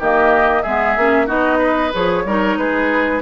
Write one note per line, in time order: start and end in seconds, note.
0.00 0.65 D#3
0.00 0.66 A#3
0.00 0.63 G4
0.00 0.63 D#5
0.63 0.97 G#3
0.63 0.99 B3
0.63 1.27 G#4
0.63 1.28 E5
0.97 1.29 A#3
0.97 1.27 C#4
1.27 1.94 B3
1.27 1.92 D#4
1.27 1.59 F#4
1.27 1.93 D#5
1.59 2.23 B4
1.93 2.25 F3
1.93 2.26 G#4
1.93 2.58 C#5
2.25 2.58 G3
2.25 3.22 D#4
2.25 2.59 A#4
2.58 3.22 G#3
2.58 3.22 G#4
2.58 3.22 B4